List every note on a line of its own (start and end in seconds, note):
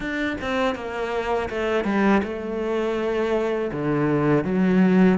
0.00 0.36 D4
0.41 0.75 C4
0.75 1.49 A#3
1.49 1.84 A3
1.84 2.21 G3
2.23 3.71 A3
3.72 4.44 D3
4.44 5.18 F#3